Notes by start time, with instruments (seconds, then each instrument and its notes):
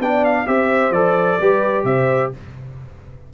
0.00 tuba B3, trombone D4, horn D5, trumpet G5
0.25 trumpet F5
0.47 tuba C4, trombone G4, horn C5, trumpet E5
0.91 tuba F3, trombone A4, trumpet D5
1.40 tuba G3, trombone G4, horn B4
1.84 tuba C3, horn C5, trumpet E5